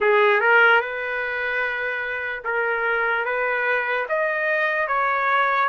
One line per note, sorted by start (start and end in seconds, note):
0.00 0.40 G#4
0.40 0.80 A#4
0.80 2.43 B4
2.44 3.25 A#4
3.25 4.06 B4
4.08 4.87 D#5
4.87 5.68 C#5